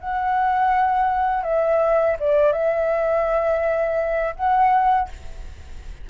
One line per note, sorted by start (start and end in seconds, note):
0.00 1.43 F#5
1.43 2.16 E5
2.20 2.52 D5
2.52 4.35 E5
4.36 5.09 F#5